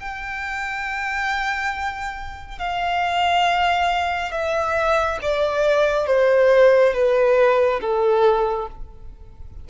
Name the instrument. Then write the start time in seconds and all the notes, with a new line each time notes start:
violin
0.00 G5
2.59 F5
4.32 E5
5.22 D5
6.07 C5
6.94 B4
7.81 A4